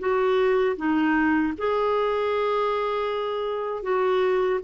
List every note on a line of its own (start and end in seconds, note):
0.00 0.77 F#4
0.77 1.54 D#4
1.58 3.83 G#4
3.83 4.60 F#4